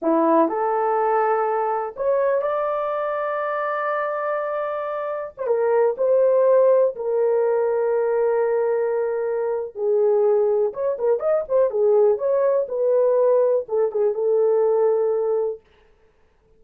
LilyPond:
\new Staff \with { instrumentName = "horn" } { \time 4/4 \tempo 4 = 123 e'4 a'2. | cis''4 d''2.~ | d''2. c''16 ais'8.~ | ais'16 c''2 ais'4.~ ais'16~ |
ais'1 | gis'2 cis''8 ais'8 dis''8 c''8 | gis'4 cis''4 b'2 | a'8 gis'8 a'2. | }